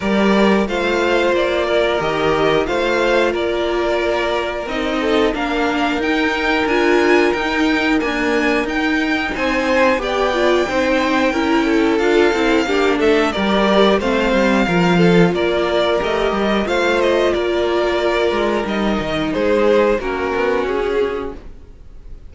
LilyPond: <<
  \new Staff \with { instrumentName = "violin" } { \time 4/4 \tempo 4 = 90 d''4 f''4 d''4 dis''4 | f''4 d''2 dis''4 | f''4 g''4 gis''4 g''4 | gis''4 g''4 gis''4 g''4~ |
g''2 f''4. e''8 | d''4 f''2 d''4 | dis''4 f''8 dis''8 d''2 | dis''4 c''4 ais'4 gis'4 | }
  \new Staff \with { instrumentName = "violin" } { \time 4/4 ais'4 c''4. ais'4. | c''4 ais'2~ ais'8 a'8 | ais'1~ | ais'2 c''4 d''4 |
c''4 ais'8 a'4. g'8 a'8 | ais'4 c''4 ais'8 a'8 ais'4~ | ais'4 c''4 ais'2~ | ais'4 gis'4 fis'2 | }
  \new Staff \with { instrumentName = "viola" } { \time 4/4 g'4 f'2 g'4 | f'2. dis'4 | d'4 dis'4 f'4 dis'4 | ais4 dis'2 g'8 f'8 |
dis'4 e'4 f'8 e'8 d'4 | g'4 c'4 f'2 | g'4 f'2. | dis'2 cis'2 | }
  \new Staff \with { instrumentName = "cello" } { \time 4/4 g4 a4 ais4 dis4 | a4 ais2 c'4 | ais4 dis'4 d'4 dis'4 | d'4 dis'4 c'4 b4 |
c'4 cis'4 d'8 c'8 ais8 a8 | g4 a8 g8 f4 ais4 | a8 g8 a4 ais4. gis8 | g8 dis8 gis4 ais8 b8 cis'4 | }
>>